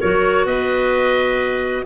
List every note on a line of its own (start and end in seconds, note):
0.00 0.45 F#3
0.00 1.86 F#4
0.00 0.45 A#4
0.00 0.46 C#5
0.45 1.84 B3
0.45 1.84 B4
0.45 1.85 D#5